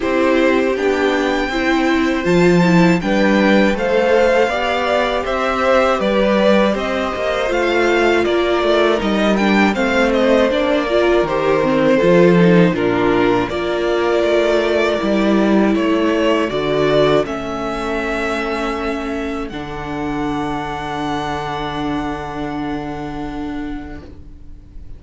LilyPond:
<<
  \new Staff \with { instrumentName = "violin" } { \time 4/4 \tempo 4 = 80 c''4 g''2 a''4 | g''4 f''2 e''4 | d''4 dis''4 f''4 d''4 | dis''8 g''8 f''8 dis''8 d''4 c''4~ |
c''4 ais'4 d''2~ | d''4 cis''4 d''4 e''4~ | e''2 fis''2~ | fis''1 | }
  \new Staff \with { instrumentName = "violin" } { \time 4/4 g'2 c''2 | b'4 c''4 d''4 c''4 | b'4 c''2 ais'4~ | ais'4 c''4. ais'4. |
a'4 f'4 ais'2~ | ais'4 a'2.~ | a'1~ | a'1 | }
  \new Staff \with { instrumentName = "viola" } { \time 4/4 e'4 d'4 e'4 f'8 e'8 | d'4 a'4 g'2~ | g'2 f'2 | dis'8 d'8 c'4 d'8 f'8 g'8 c'8 |
f'8 dis'8 d'4 f'2 | e'2 fis'4 cis'4~ | cis'2 d'2~ | d'1 | }
  \new Staff \with { instrumentName = "cello" } { \time 4/4 c'4 b4 c'4 f4 | g4 a4 b4 c'4 | g4 c'8 ais8 a4 ais8 a8 | g4 a4 ais4 dis4 |
f4 ais,4 ais4 a4 | g4 a4 d4 a4~ | a2 d2~ | d1 | }
>>